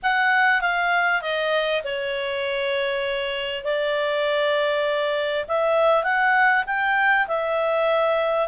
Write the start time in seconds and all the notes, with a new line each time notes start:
0.02 F#5
0.61 F5
1.21 D#5
1.84 C#5
3.64 D5
5.48 E5
6.03 F#5
6.66 G5
7.27 E5